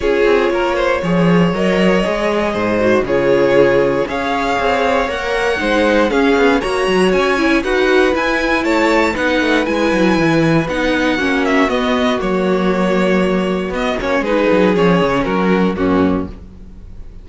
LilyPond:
<<
  \new Staff \with { instrumentName = "violin" } { \time 4/4 \tempo 4 = 118 cis''2. dis''4~ | dis''2 cis''2 | f''2 fis''2 | f''4 ais''4 gis''4 fis''4 |
gis''4 a''4 fis''4 gis''4~ | gis''4 fis''4. e''8 dis''4 | cis''2. dis''8 cis''8 | b'4 cis''4 ais'4 fis'4 | }
  \new Staff \with { instrumentName = "violin" } { \time 4/4 gis'4 ais'8 c''8 cis''2~ | cis''4 c''4 gis'2 | cis''2. c''4 | gis'4 cis''2 b'4~ |
b'4 cis''4 b'2~ | b'2 fis'2~ | fis'1 | gis'2 fis'4 cis'4 | }
  \new Staff \with { instrumentName = "viola" } { \time 4/4 f'2 gis'4 ais'4 | gis'4. fis'8 f'2 | gis'2 ais'4 dis'4 | cis'4 fis'4. e'8 fis'4 |
e'2 dis'4 e'4~ | e'4 dis'4 cis'4 b4 | ais2. b8 cis'8 | dis'4 cis'2 ais4 | }
  \new Staff \with { instrumentName = "cello" } { \time 4/4 cis'8 c'8 ais4 f4 fis4 | gis4 gis,4 cis2 | cis'4 c'4 ais4 gis4 | cis'8 b8 ais8 fis8 cis'4 dis'4 |
e'4 a4 b8 a8 gis8 fis8 | e4 b4 ais4 b4 | fis2. b8 ais8 | gis8 fis8 f8 cis8 fis4 fis,4 | }
>>